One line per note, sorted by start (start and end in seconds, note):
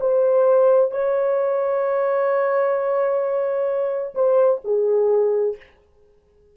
0.00 0.91 C5
0.91 4.14 C#5
4.14 4.60 C5
4.64 5.56 G#4